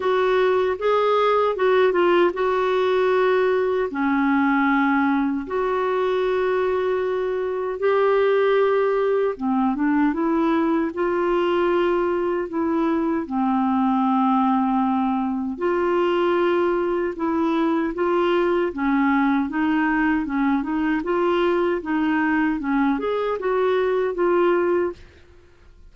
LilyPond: \new Staff \with { instrumentName = "clarinet" } { \time 4/4 \tempo 4 = 77 fis'4 gis'4 fis'8 f'8 fis'4~ | fis'4 cis'2 fis'4~ | fis'2 g'2 | c'8 d'8 e'4 f'2 |
e'4 c'2. | f'2 e'4 f'4 | cis'4 dis'4 cis'8 dis'8 f'4 | dis'4 cis'8 gis'8 fis'4 f'4 | }